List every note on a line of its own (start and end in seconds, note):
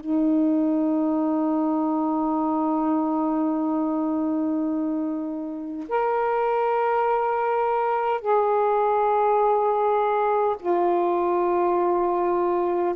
0.00 5.88 D#4
5.89 8.21 A#4
8.21 10.56 G#4
10.60 12.95 F4